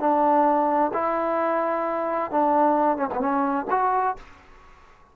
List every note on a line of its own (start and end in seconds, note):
0.00 0.92 D4
0.94 2.31 E4
2.31 2.97 D4
2.97 3.09 C#4
3.14 3.20 B3
3.20 3.66 C#4
3.71 4.16 F#4